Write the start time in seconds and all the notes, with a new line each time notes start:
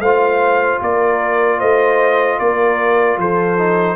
0.00 A3 F4 C5 F5
0.82 A#3 A#4 D5
1.58 A3 C5 D#5
2.39 A#3 A#4 D5
3.18 F3 A4 C5
3.58 D#4